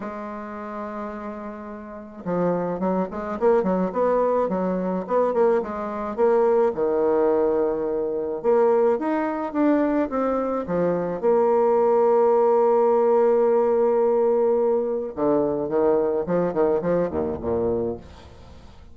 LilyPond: \new Staff \with { instrumentName = "bassoon" } { \time 4/4 \tempo 4 = 107 gis1 | f4 fis8 gis8 ais8 fis8 b4 | fis4 b8 ais8 gis4 ais4 | dis2. ais4 |
dis'4 d'4 c'4 f4 | ais1~ | ais2. d4 | dis4 f8 dis8 f8 dis,8 ais,4 | }